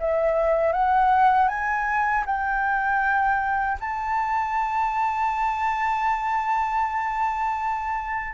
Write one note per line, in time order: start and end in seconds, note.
0.00 0.73 E5
0.73 1.48 F#5
1.48 2.24 G#5
2.26 3.78 G5
3.80 8.34 A5